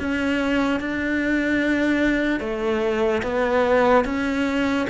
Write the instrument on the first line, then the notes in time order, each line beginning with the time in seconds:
cello
0.00 C#4
0.80 D4
2.40 A3
3.23 B3
4.05 C#4